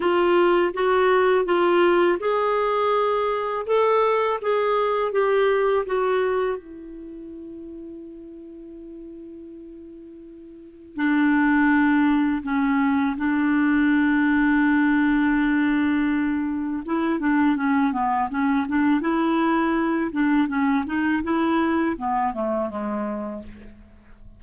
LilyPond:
\new Staff \with { instrumentName = "clarinet" } { \time 4/4 \tempo 4 = 82 f'4 fis'4 f'4 gis'4~ | gis'4 a'4 gis'4 g'4 | fis'4 e'2.~ | e'2. d'4~ |
d'4 cis'4 d'2~ | d'2. e'8 d'8 | cis'8 b8 cis'8 d'8 e'4. d'8 | cis'8 dis'8 e'4 b8 a8 gis4 | }